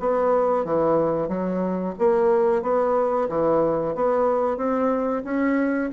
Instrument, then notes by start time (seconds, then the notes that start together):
bassoon
0.00 B3
0.64 E3
1.28 F#3
1.98 A#3
2.62 B3
3.29 E3
3.95 B3
4.57 C4
5.24 C#4